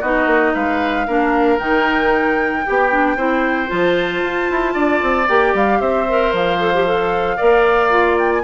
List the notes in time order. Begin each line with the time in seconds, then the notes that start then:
0.00 B3 D#4 F#4 D#5
0.26 A#3
0.54 G#3 B4 F5
1.07 A#3 D4 A#4
1.58 D#3 D#4 G5
2.65 B3 G4
2.90 D4
3.16 C4 E4 C5
3.67 F3 F4 A5
4.23 F4
4.49 E4
4.73 D4 D5
5.01 C4
5.27 A#3 G4 G5
5.54 G3 F5
5.79 C4 C5 E5
6.08 A#4
6.32 F3 F5
6.59 A4
6.74 G4
6.86 A4
7.36 A#3 A#4 D5
7.90 F4
8.18 G5
8.32 G#5